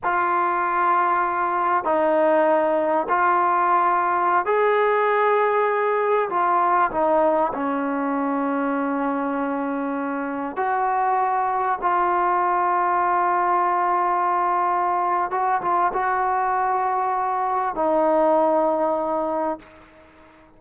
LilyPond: \new Staff \with { instrumentName = "trombone" } { \time 4/4 \tempo 4 = 98 f'2. dis'4~ | dis'4 f'2~ f'16 gis'8.~ | gis'2~ gis'16 f'4 dis'8.~ | dis'16 cis'2.~ cis'8.~ |
cis'4~ cis'16 fis'2 f'8.~ | f'1~ | f'4 fis'8 f'8 fis'2~ | fis'4 dis'2. | }